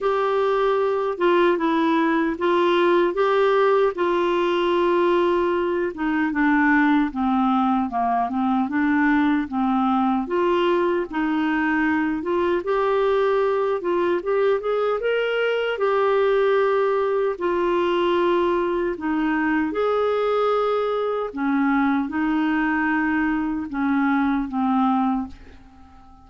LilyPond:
\new Staff \with { instrumentName = "clarinet" } { \time 4/4 \tempo 4 = 76 g'4. f'8 e'4 f'4 | g'4 f'2~ f'8 dis'8 | d'4 c'4 ais8 c'8 d'4 | c'4 f'4 dis'4. f'8 |
g'4. f'8 g'8 gis'8 ais'4 | g'2 f'2 | dis'4 gis'2 cis'4 | dis'2 cis'4 c'4 | }